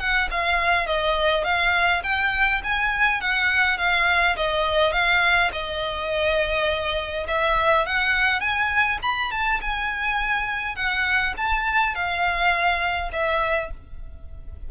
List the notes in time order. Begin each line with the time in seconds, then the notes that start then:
0.00 F#5
0.31 F5
0.87 D#5
1.45 F5
2.04 G5
2.64 G#5
3.21 F#5
3.78 F5
4.37 D#5
4.93 F5
5.53 D#5
7.28 E5
7.86 F#5
8.41 G#5
9.03 B5
9.32 A5
9.62 G#5
10.76 F#5
11.38 A5
11.95 F5
13.13 E5